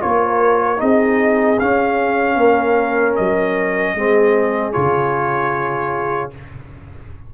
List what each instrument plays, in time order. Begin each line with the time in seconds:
0.00 tuba A#3, trombone F4, horn A#4, trumpet C#5
0.77 tuba C4, trombone D#4, horn G#4, trumpet D#5
1.59 tuba C#4, trombone C#4, trumpet F5
2.36 tuba A#3, horn A#4
3.15 tuba F#3, trumpet D#5
3.94 tuba G#3, trombone C4, horn G#4
4.72 tuba C#3, trombone F4, trumpet C#5